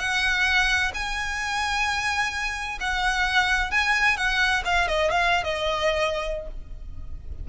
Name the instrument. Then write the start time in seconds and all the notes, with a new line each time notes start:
violin
0.00 F#5
0.94 G#5
2.80 F#5
3.72 G#5
4.17 F#5
4.65 F5
4.88 D#5
5.11 F5
5.44 D#5